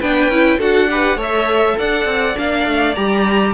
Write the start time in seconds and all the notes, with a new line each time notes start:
0.00 B3 D4 B4 G5
0.28 C#4 E4
0.58 D4 F#4 A4 F#5
0.90 G4 B4
1.15 A3 A4 C#5
1.22 E5
1.79 D4 D5 F#5
2.05 C4
2.35 A#3 D4 F5
2.67 A3
2.95 G3 G4 A#5